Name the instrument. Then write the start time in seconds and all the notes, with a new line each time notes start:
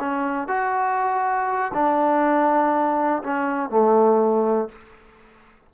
trombone
0.00 C#4
0.48 F#4
1.74 D4
3.24 C#4
3.70 A3